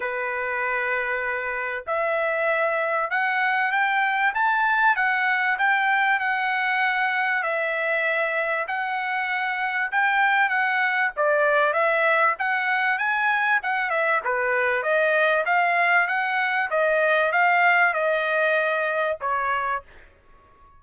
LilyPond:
\new Staff \with { instrumentName = "trumpet" } { \time 4/4 \tempo 4 = 97 b'2. e''4~ | e''4 fis''4 g''4 a''4 | fis''4 g''4 fis''2 | e''2 fis''2 |
g''4 fis''4 d''4 e''4 | fis''4 gis''4 fis''8 e''8 b'4 | dis''4 f''4 fis''4 dis''4 | f''4 dis''2 cis''4 | }